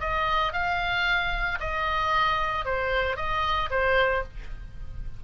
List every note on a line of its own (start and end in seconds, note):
0.00 0.52 D#5
0.52 1.59 F5
1.60 2.65 D#5
2.65 3.16 C5
3.16 3.69 D#5
3.70 4.23 C5